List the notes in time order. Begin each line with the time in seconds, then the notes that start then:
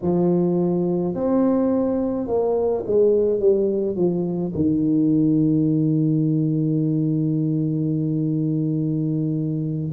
0.02 F3
1.14 C4
2.27 A#3
2.86 G#3
3.39 G3
3.95 F3
4.54 D#3